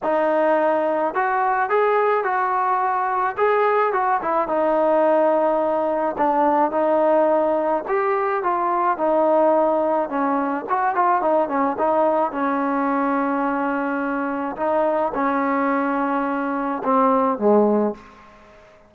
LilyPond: \new Staff \with { instrumentName = "trombone" } { \time 4/4 \tempo 4 = 107 dis'2 fis'4 gis'4 | fis'2 gis'4 fis'8 e'8 | dis'2. d'4 | dis'2 g'4 f'4 |
dis'2 cis'4 fis'8 f'8 | dis'8 cis'8 dis'4 cis'2~ | cis'2 dis'4 cis'4~ | cis'2 c'4 gis4 | }